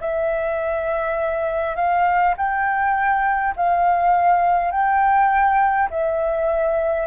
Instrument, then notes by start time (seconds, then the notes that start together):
flute
0.00 E5
1.75 F5
2.36 G5
3.56 F5
4.71 G5
5.90 E5